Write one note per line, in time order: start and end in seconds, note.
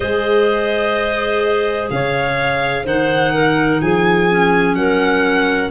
0.00 1.89 G#3
0.00 2.85 G#4
0.00 1.90 C5
0.00 1.87 D#5
1.89 2.84 C#3
1.89 2.85 C#5
1.89 2.85 F5
2.84 3.80 D#3
2.84 4.28 D#4
2.84 3.32 C5
2.84 3.81 F#5
3.33 3.81 A#4
3.81 4.74 F3
3.81 4.77 G#4
3.81 4.75 G#5
4.30 5.71 C#4
4.74 5.69 F#3
4.74 5.71 A#4
4.74 5.70 F#5